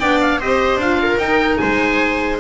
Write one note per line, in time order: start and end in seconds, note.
0.00 0.40 B3
0.00 0.40 D4
0.00 0.40 D5
0.00 0.20 G5
0.21 0.41 F5
0.40 0.77 C4
0.40 0.82 G4
0.40 1.00 C5
0.40 0.80 D#5
0.77 1.17 D4
0.77 1.21 F4
0.77 1.19 F5
1.02 1.62 A#4
1.18 1.58 D#4
1.18 2.40 D#4
1.18 1.57 G5
1.57 2.40 G#3
1.57 2.40 C5
1.57 2.37 G#5